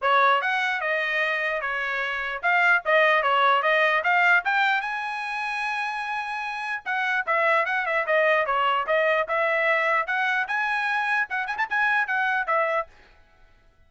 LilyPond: \new Staff \with { instrumentName = "trumpet" } { \time 4/4 \tempo 4 = 149 cis''4 fis''4 dis''2 | cis''2 f''4 dis''4 | cis''4 dis''4 f''4 g''4 | gis''1~ |
gis''4 fis''4 e''4 fis''8 e''8 | dis''4 cis''4 dis''4 e''4~ | e''4 fis''4 gis''2 | fis''8 gis''16 a''16 gis''4 fis''4 e''4 | }